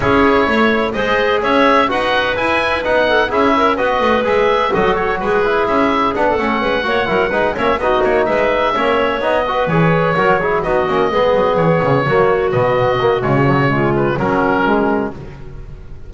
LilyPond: <<
  \new Staff \with { instrumentName = "oboe" } { \time 4/4 \tempo 4 = 127 cis''2 dis''4 e''4 | fis''4 gis''4 fis''4 e''4 | dis''4 e''4 dis''8 cis''8 b'4 | e''4 fis''2. |
e''8 dis''8 cis''8 e''2 dis''8~ | dis''8 cis''2 dis''4.~ | dis''8 cis''2 dis''4. | cis''4. b'8 ais'2 | }
  \new Staff \with { instrumentName = "clarinet" } { \time 4/4 gis'4 cis''4 c''4 cis''4 | b'2~ b'8 a'8 gis'8 ais'8 | b'2 a'4 gis'4~ | gis'4~ gis'16 a'8. b'8 cis''8 ais'8 b'8 |
cis''8 fis'4 b'4 cis''4. | b'4. ais'8 gis'8 fis'4 gis'8~ | gis'4. fis'2~ fis'8~ | fis'4 f'4 cis'2 | }
  \new Staff \with { instrumentName = "trombone" } { \time 4/4 e'2 gis'2 | fis'4 e'4 dis'4 e'4 | fis'4 gis'4 fis'4. e'8~ | e'4 d'8 cis'4 fis'8 e'8 dis'8 |
cis'8 dis'2 cis'4 dis'8 | fis'8 gis'4 fis'8 e'8 dis'8 cis'8 b8~ | b4. ais4 b4 ais8 | gis8 fis8 gis4 fis4 gis4 | }
  \new Staff \with { instrumentName = "double bass" } { \time 4/4 cis'4 a4 gis4 cis'4 | dis'4 e'4 b4 cis'4 | b8 a8 gis4 fis4 gis4 | cis'4 b8 a8 gis8 ais8 fis8 gis8 |
ais8 b8 ais8 gis4 ais4 b8~ | b8 e4 fis4 b8 ais8 gis8 | fis8 e8 cis8 fis4 b,4. | cis2 fis2 | }
>>